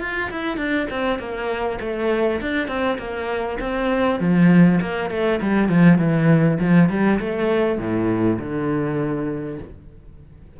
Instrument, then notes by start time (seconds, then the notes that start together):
cello
0.00 F4
0.31 E4
0.57 D4
0.90 C4
1.19 A#3
1.81 A3
2.41 D4
2.68 C4
2.98 A#3
3.59 C4
4.19 F3
4.81 A#3
5.10 A3
5.41 G3
5.68 F3
5.98 E3
6.60 F3
6.89 G3
7.20 A3
7.78 A2
8.39 D3